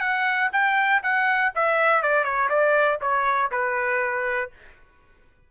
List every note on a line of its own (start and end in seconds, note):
0.00 0.50 F#5
0.53 1.02 G5
1.03 1.52 F#5
1.55 2.03 E5
2.03 2.24 D5
2.24 2.49 C#5
2.49 2.99 D5
3.01 3.51 C#5
3.51 4.51 B4